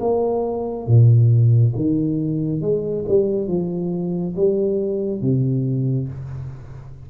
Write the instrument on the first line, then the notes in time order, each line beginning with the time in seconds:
tuba
0.00 A#3
0.87 A#2
1.75 D#3
2.61 G#3
3.08 G3
3.47 F3
4.36 G3
5.21 C3